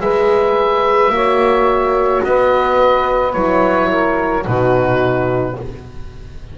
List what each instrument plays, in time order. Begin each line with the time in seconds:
0.00 double bass G#3, horn G#4, saxophone B4, oboe E5
1.09 double bass A#3, horn F#4, saxophone C#5
2.24 double bass B3, saxophone B4, oboe D#5
3.33 double bass F#3, horn E4, oboe C#5
3.90 saxophone A#4
4.45 double bass B2, horn D#4, saxophone F#4, oboe B4